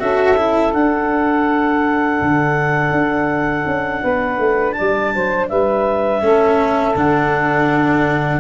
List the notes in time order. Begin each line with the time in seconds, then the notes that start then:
0.00 C#4 F#4 A4 E5
0.37 E4
0.73 D4 F#5
2.22 D3
2.92 D4
3.66 C#4
4.03 B3 B4
4.39 A3
4.72 D5 A5
4.81 G3
5.14 F#3 C5
5.49 G3 B4 E5
6.22 A3 C#4 A4
6.96 D3 D4 F#5